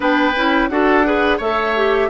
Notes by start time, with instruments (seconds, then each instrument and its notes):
0.00 bassoon B3, clarinet D4, oboe B4, flute G5
0.35 bassoon C#4, clarinet E4
0.68 bassoon D4, clarinet F#4, oboe A4, flute F#5
1.04 clarinet G#4, oboe B4
1.37 bassoon A3, clarinet A4, oboe C#5, flute E5
1.76 clarinet G4